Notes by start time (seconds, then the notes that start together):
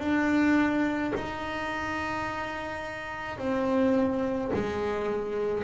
0.00 D4
1.16 D#4
3.38 C4
4.54 G#3